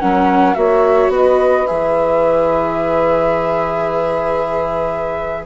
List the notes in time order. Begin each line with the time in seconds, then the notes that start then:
0.00 F#3 C#4 A#4 F#5
0.54 A#3 F#4 C#5 E5
1.08 B3 B4
1.16 D#5
1.67 E3 G#4 E5